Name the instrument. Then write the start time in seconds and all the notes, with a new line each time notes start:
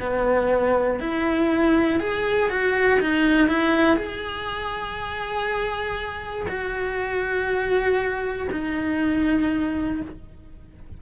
cello
0.00 B3
1.00 E4
2.00 G#4
2.50 F#4
3.00 D#4
3.48 E4
3.97 G#4
6.48 F#4
8.52 D#4